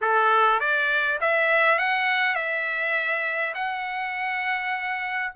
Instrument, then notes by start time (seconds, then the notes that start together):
trumpet
0.01 A4
0.59 D5
1.20 E5
1.78 F#5
2.35 E5
3.54 F#5